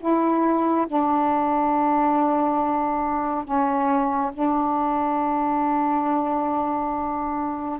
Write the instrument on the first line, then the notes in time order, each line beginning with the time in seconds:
saxophone
0.00 E4
0.88 D4
3.45 C#4
4.34 D4